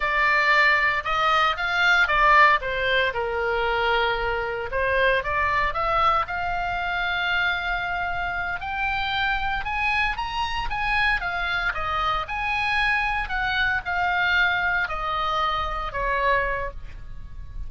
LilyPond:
\new Staff \with { instrumentName = "oboe" } { \time 4/4 \tempo 4 = 115 d''2 dis''4 f''4 | d''4 c''4 ais'2~ | ais'4 c''4 d''4 e''4 | f''1~ |
f''8 g''2 gis''4 ais''8~ | ais''8 gis''4 f''4 dis''4 gis''8~ | gis''4. fis''4 f''4.~ | f''8 dis''2 cis''4. | }